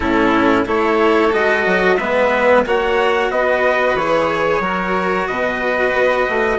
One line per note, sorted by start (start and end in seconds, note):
0.00 0.66 A2
0.00 0.65 C#4
0.00 0.66 E4
0.00 0.66 A4
0.65 1.33 A3
0.65 1.31 E4
0.65 1.98 A4
0.65 1.33 C#5
1.32 1.66 G#3
1.32 1.98 F#4
1.32 1.97 D#5
1.66 1.97 F#3
1.97 2.63 G#3
1.97 2.65 B3
1.97 2.64 B4
1.97 2.63 E5
2.66 3.30 A#3
2.66 3.97 F#4
2.66 3.31 C#5
2.66 3.31 F#5
3.30 3.95 B3
3.30 4.61 B4
3.30 3.96 D#5
3.95 4.59 E3
3.95 4.61 G#4
3.95 5.27 C#5
4.59 5.25 F#3
4.59 6.58 F#4
4.59 5.27 A#4
5.27 5.93 B2
5.27 6.58 B4
5.27 6.58 D#5
5.93 6.26 B3
6.28 6.58 A3